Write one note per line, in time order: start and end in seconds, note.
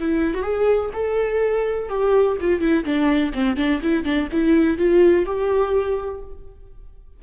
0.00 0.35 E4
0.35 0.43 F#4
0.43 0.91 G#4
0.93 1.89 A4
1.89 2.37 G4
2.41 2.60 F4
2.60 2.84 E4
2.85 3.33 D4
3.34 3.57 C4
3.57 3.81 D4
3.83 4.04 E4
4.04 4.28 D4
4.32 4.78 E4
4.78 5.26 F4
5.26 6.22 G4